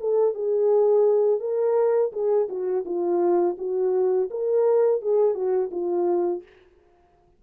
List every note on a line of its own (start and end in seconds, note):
0.00 0.35 A4
0.35 1.40 G#4
1.40 2.12 A#4
2.12 2.48 G#4
2.49 2.84 F#4
2.85 3.56 F4
3.58 4.30 F#4
4.30 5.02 A#4
5.02 5.34 G#4
5.34 5.70 F#4
5.71 6.43 F4